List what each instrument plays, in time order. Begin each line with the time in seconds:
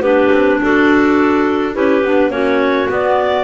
0.00 double bass B3, clarinet D4 G4 B4
0.31 double bass C4
0.62 double bass D4, clarinet F#4 A4
1.73 double bass C#4, clarinet E4 G4 B4
2.03 double bass B3, clarinet D4
2.30 double bass A#3, clarinet C#4 F#4 C#5
2.88 clarinet B3 D5, double bass B3